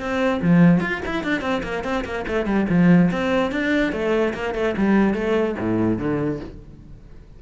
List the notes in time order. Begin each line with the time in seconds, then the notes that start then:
0.00 C4
0.42 F3
0.81 F4
1.06 E4
1.24 D4
1.42 C4
1.64 A#3
1.84 C4
2.05 A#3
2.28 A3
2.46 G3
2.70 F3
3.11 C4
3.52 D4
3.93 A3
4.34 A#3
4.55 A3
4.78 G3
5.14 A3
5.60 A2
5.99 D3